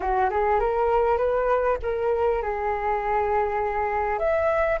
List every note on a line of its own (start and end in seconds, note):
0.00 0.29 F#4
0.29 0.59 G#4
0.59 1.17 A#4
1.17 1.77 B4
1.82 2.42 A#4
2.42 4.18 G#4
4.18 4.78 E5